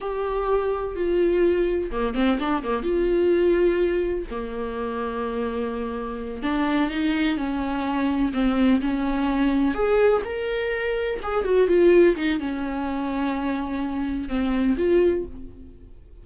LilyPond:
\new Staff \with { instrumentName = "viola" } { \time 4/4 \tempo 4 = 126 g'2 f'2 | ais8 c'8 d'8 ais8 f'2~ | f'4 ais2.~ | ais4. d'4 dis'4 cis'8~ |
cis'4. c'4 cis'4.~ | cis'8 gis'4 ais'2 gis'8 | fis'8 f'4 dis'8 cis'2~ | cis'2 c'4 f'4 | }